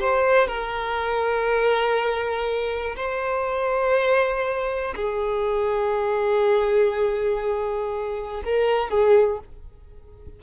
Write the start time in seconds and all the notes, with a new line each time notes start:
0.00 C5
0.48 A#4
2.96 C5
4.96 G#4
8.44 A#4
8.90 G#4